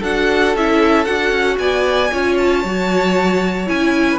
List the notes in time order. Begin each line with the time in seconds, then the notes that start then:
0.00 D4 F#4 A4 F#5
0.55 C#4 E4 E5
1.05 D4 F#4 F#5
1.32 C#4
1.59 B3 D5 G#5
2.12 C#4 F4 C#5
2.38 A5
2.65 F#3 F#4
3.67 C#4 E4 G#5
4.11 B4